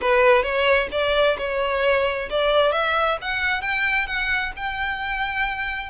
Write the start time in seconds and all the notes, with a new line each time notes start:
0.01 B4
0.43 C#5
0.91 D5
1.38 C#5
2.30 D5
2.72 E5
3.21 F#5
3.61 G5
4.06 F#5
4.56 G5